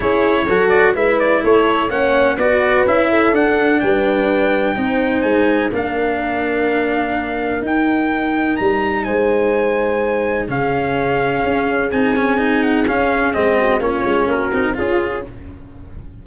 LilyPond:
<<
  \new Staff \with { instrumentName = "trumpet" } { \time 4/4 \tempo 4 = 126 cis''4. d''8 e''8 d''8 cis''4 | fis''4 d''4 e''4 fis''4 | g''2. gis''4 | f''1 |
g''2 ais''4 gis''4~ | gis''2 f''2~ | f''4 gis''4. fis''8 f''4 | dis''4 cis''4 ais'4 gis'4 | }
  \new Staff \with { instrumentName = "horn" } { \time 4/4 gis'4 a'4 b'4 a'4 | cis''4 b'4. a'4. | b'2 c''2 | ais'1~ |
ais'2. c''4~ | c''2 gis'2~ | gis'1~ | gis'8 fis'8 f'4 fis'4 f'4 | }
  \new Staff \with { instrumentName = "cello" } { \time 4/4 e'4 fis'4 e'2 | cis'4 fis'4 e'4 d'4~ | d'2 dis'2 | d'1 |
dis'1~ | dis'2 cis'2~ | cis'4 dis'8 cis'8 dis'4 cis'4 | c'4 cis'4. dis'8 f'4 | }
  \new Staff \with { instrumentName = "tuba" } { \time 4/4 cis'4 fis4 gis4 a4 | ais4 b4 cis'4 d'4 | g2 c'4 gis4 | ais1 |
dis'2 g4 gis4~ | gis2 cis2 | cis'4 c'2 cis'4 | gis4 ais8 gis8 ais8 c'8 cis'4 | }
>>